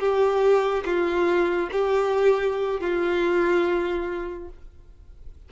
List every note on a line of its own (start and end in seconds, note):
0.00 0.84 G4
0.86 1.70 F4
1.72 2.81 G4
2.81 4.49 F4